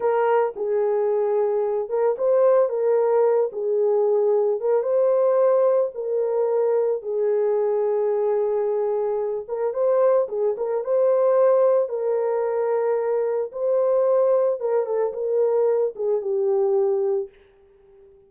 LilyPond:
\new Staff \with { instrumentName = "horn" } { \time 4/4 \tempo 4 = 111 ais'4 gis'2~ gis'8 ais'8 | c''4 ais'4. gis'4.~ | gis'8 ais'8 c''2 ais'4~ | ais'4 gis'2.~ |
gis'4. ais'8 c''4 gis'8 ais'8 | c''2 ais'2~ | ais'4 c''2 ais'8 a'8 | ais'4. gis'8 g'2 | }